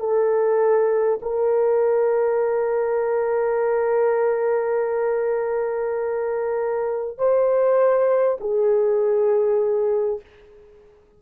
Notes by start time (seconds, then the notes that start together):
0.00 A4
1.22 A#4
7.19 C5
8.41 G#4